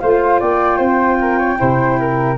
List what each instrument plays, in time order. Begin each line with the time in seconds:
0.00 tuba A3, saxophone F4, flute C5 F5
0.40 tuba A#3, flute D5 G5
0.77 tuba C4, flute C5
1.21 flute A#4
1.38 flute C#5
1.55 tuba C3, saxophone E4, flute C5
2.00 flute A#4